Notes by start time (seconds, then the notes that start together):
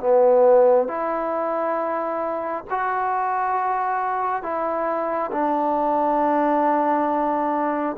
0.00 B3
0.88 E4
2.70 F#4
4.43 E4
5.32 D4